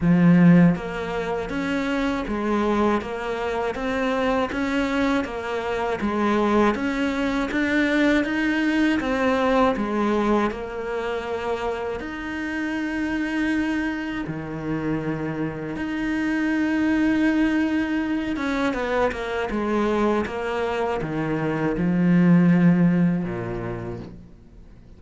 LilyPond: \new Staff \with { instrumentName = "cello" } { \time 4/4 \tempo 4 = 80 f4 ais4 cis'4 gis4 | ais4 c'4 cis'4 ais4 | gis4 cis'4 d'4 dis'4 | c'4 gis4 ais2 |
dis'2. dis4~ | dis4 dis'2.~ | dis'8 cis'8 b8 ais8 gis4 ais4 | dis4 f2 ais,4 | }